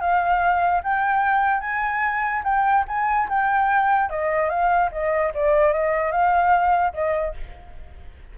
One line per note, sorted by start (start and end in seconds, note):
0.00 0.82 F5
0.83 1.61 G5
1.61 2.42 G#5
2.44 2.85 G5
2.88 3.28 G#5
3.29 4.10 G5
4.10 4.49 D#5
4.49 4.90 F5
4.92 5.32 D#5
5.34 5.73 D5
5.73 6.11 D#5
6.11 6.93 F5
6.94 7.34 D#5